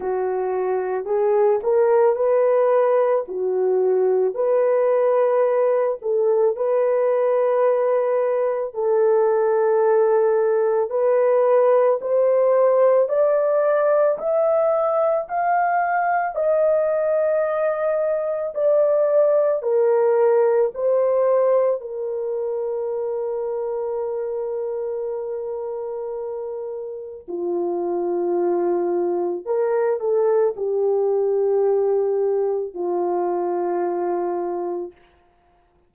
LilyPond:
\new Staff \with { instrumentName = "horn" } { \time 4/4 \tempo 4 = 55 fis'4 gis'8 ais'8 b'4 fis'4 | b'4. a'8 b'2 | a'2 b'4 c''4 | d''4 e''4 f''4 dis''4~ |
dis''4 d''4 ais'4 c''4 | ais'1~ | ais'4 f'2 ais'8 a'8 | g'2 f'2 | }